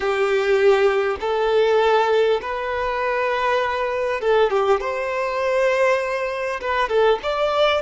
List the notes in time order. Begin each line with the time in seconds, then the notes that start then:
0.00 G4
1.20 A4
2.41 B4
4.21 A4
4.50 G4
4.80 C5
6.61 B4
6.88 A4
7.22 D5